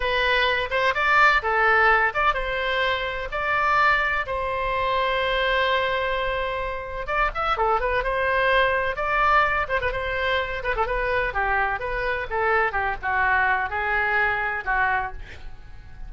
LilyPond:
\new Staff \with { instrumentName = "oboe" } { \time 4/4 \tempo 4 = 127 b'4. c''8 d''4 a'4~ | a'8 d''8 c''2 d''4~ | d''4 c''2.~ | c''2. d''8 e''8 |
a'8 b'8 c''2 d''4~ | d''8 c''16 b'16 c''4. b'16 a'16 b'4 | g'4 b'4 a'4 g'8 fis'8~ | fis'4 gis'2 fis'4 | }